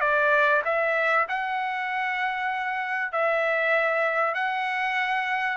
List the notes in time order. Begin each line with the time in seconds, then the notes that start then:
0.00 D5
0.64 E5
1.28 F#5
3.12 E5
4.34 F#5